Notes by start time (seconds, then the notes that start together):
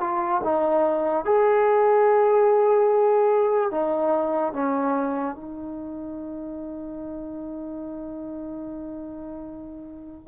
0.00 F4
0.44 D#4
1.24 G#4
3.71 D#4
4.53 C#4
5.35 D#4